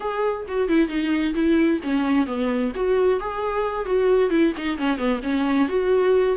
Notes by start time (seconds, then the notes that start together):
0.00 G#4
0.48 F#4
0.68 E4
0.88 D#4
1.34 E4
1.83 C#4
2.26 B3
2.75 F#4
3.19 G#4
3.85 F#4
4.30 E4
4.57 D#4
4.77 C#4
4.97 B3
5.22 C#4
5.68 F#4